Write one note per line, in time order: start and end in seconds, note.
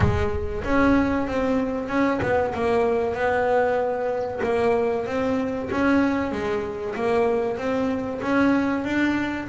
0.00 0.63 G#3
0.64 1.27 C#4
1.27 1.88 C4
1.88 2.19 C#4
2.22 2.53 B3
2.54 3.14 A#3
3.14 4.40 B3
4.43 5.06 A#3
5.06 5.69 C4
5.71 6.31 C#4
6.31 6.94 G#3
6.95 7.57 A#3
7.57 8.20 C4
8.21 8.84 C#4
8.84 9.47 D4